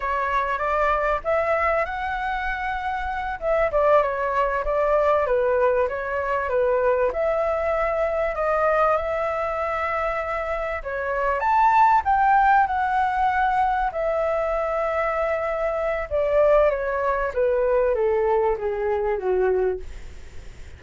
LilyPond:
\new Staff \with { instrumentName = "flute" } { \time 4/4 \tempo 4 = 97 cis''4 d''4 e''4 fis''4~ | fis''4. e''8 d''8 cis''4 d''8~ | d''8 b'4 cis''4 b'4 e''8~ | e''4. dis''4 e''4.~ |
e''4. cis''4 a''4 g''8~ | g''8 fis''2 e''4.~ | e''2 d''4 cis''4 | b'4 a'4 gis'4 fis'4 | }